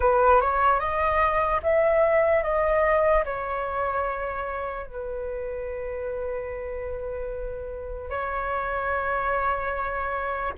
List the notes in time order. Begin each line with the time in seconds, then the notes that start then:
0.00 B4
0.41 C#5
0.79 D#5
1.63 E5
2.43 D#5
3.24 C#5
4.86 B4
8.10 C#5